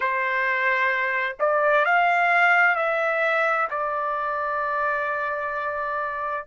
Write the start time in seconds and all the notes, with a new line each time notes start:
0.00 C5
1.39 D5
1.85 F5
2.75 E5
3.70 D5